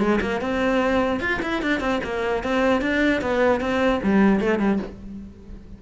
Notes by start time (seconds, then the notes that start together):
0.00 G#3
0.22 A#3
0.41 C4
1.21 F4
1.43 E4
1.63 D4
1.81 C4
2.04 A#3
2.44 C4
2.82 D4
3.22 B3
3.61 C4
4.03 G3
4.41 A3
4.60 G3